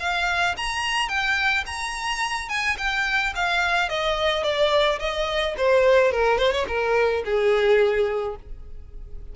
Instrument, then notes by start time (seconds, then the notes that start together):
violin
0.00 F5
0.57 A#5
1.09 G5
1.66 A#5
2.49 G#5
2.78 G5
3.36 F5
3.89 D#5
4.43 D5
5.00 D#5
5.58 C5
6.12 A#4
6.39 C5
6.52 C#5
6.68 A#4
7.25 G#4